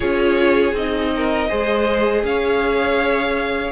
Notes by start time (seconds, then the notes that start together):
0.00 C#4 F4 G#4 C#5
0.73 C4 D#4 D#5
1.15 A#4
1.48 G#3 G#4 C5
2.23 C#4 C#5 F5